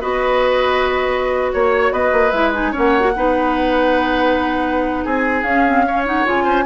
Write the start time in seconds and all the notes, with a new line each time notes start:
0.00 B3 F#4 B4 D#5
1.53 A#3 C#5
1.91 B3 B4 D#5
2.11 A#3
2.31 G#3 E4 E5
2.53 D#4 G#5
2.71 A#3 C#4 C#5
2.77 F#5
3.00 F#4
3.15 B3 D#4 B4
5.04 C4 G#4 G#5
5.42 C#4 F5
5.66 C4
5.86 C#4 C#5
6.06 D#4 F#5
6.25 C#3 F4 G#5
6.44 C#4 C5